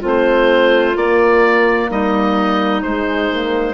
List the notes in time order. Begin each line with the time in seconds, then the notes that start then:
0.00 A3 C4 F4
0.07 C5
0.95 A#3 D5
1.89 G3 D#4 D#5
2.82 G#3 C5
3.31 A#3